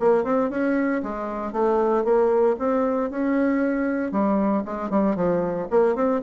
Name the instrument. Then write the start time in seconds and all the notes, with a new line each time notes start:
bassoon
0.00 A#3
0.24 C4
0.51 C#4
1.03 G#3
1.53 A3
2.05 A#3
2.59 C4
3.11 C#4
4.12 G3
4.66 G#3
4.90 G3
5.16 F3
5.71 A#3
5.96 C4